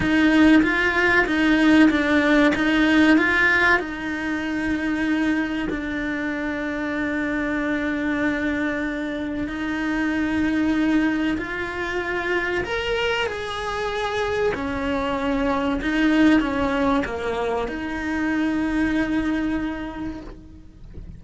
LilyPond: \new Staff \with { instrumentName = "cello" } { \time 4/4 \tempo 4 = 95 dis'4 f'4 dis'4 d'4 | dis'4 f'4 dis'2~ | dis'4 d'2.~ | d'2. dis'4~ |
dis'2 f'2 | ais'4 gis'2 cis'4~ | cis'4 dis'4 cis'4 ais4 | dis'1 | }